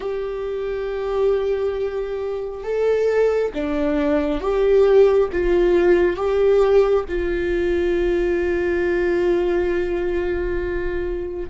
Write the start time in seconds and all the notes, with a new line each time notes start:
0.00 G4
2.63 A4
3.54 D4
4.40 G4
5.32 F4
6.16 G4
7.08 F4